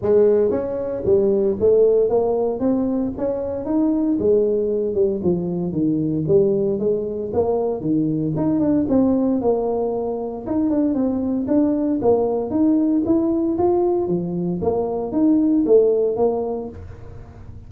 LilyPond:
\new Staff \with { instrumentName = "tuba" } { \time 4/4 \tempo 4 = 115 gis4 cis'4 g4 a4 | ais4 c'4 cis'4 dis'4 | gis4. g8 f4 dis4 | g4 gis4 ais4 dis4 |
dis'8 d'8 c'4 ais2 | dis'8 d'8 c'4 d'4 ais4 | dis'4 e'4 f'4 f4 | ais4 dis'4 a4 ais4 | }